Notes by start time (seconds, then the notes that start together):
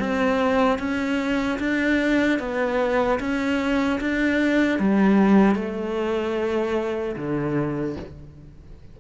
0.00 C4
0.79 C#4
1.60 D4
2.40 B3
3.20 C#4
4.01 D4
4.80 G3
5.56 A3
7.17 D3